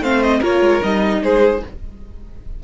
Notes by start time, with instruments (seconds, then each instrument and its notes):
0.00 cello A3, viola C4, violin C5 F5
0.22 violin D#5
0.40 cello A#3, viola F4, violin A#4 C#5
0.61 cello G#3
0.83 cello G3, viola D#4, violin D#5
1.22 cello G#3, violin G#4 C5